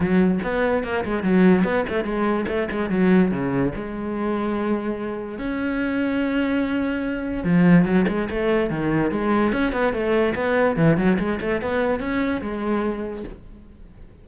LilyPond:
\new Staff \with { instrumentName = "cello" } { \time 4/4 \tempo 4 = 145 fis4 b4 ais8 gis8 fis4 | b8 a8 gis4 a8 gis8 fis4 | cis4 gis2.~ | gis4 cis'2.~ |
cis'2 f4 fis8 gis8 | a4 dis4 gis4 cis'8 b8 | a4 b4 e8 fis8 gis8 a8 | b4 cis'4 gis2 | }